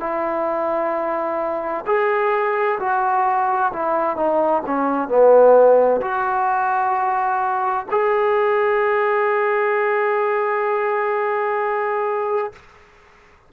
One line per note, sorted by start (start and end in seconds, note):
0.00 1.85 E4
1.87 2.79 G#4
2.79 3.72 F#4
3.73 4.16 E4
4.16 4.62 D#4
4.66 5.09 C#4
5.09 6.01 B3
6.01 7.86 F#4
7.91 12.52 G#4